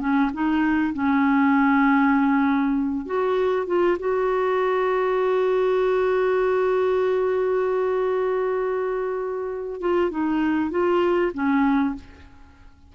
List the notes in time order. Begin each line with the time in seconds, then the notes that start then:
0.00 C#4
0.34 D#4
0.94 C#4
3.06 F#4
3.67 F4
3.99 F#4
9.81 F4
10.11 D#4
10.71 F4
11.34 C#4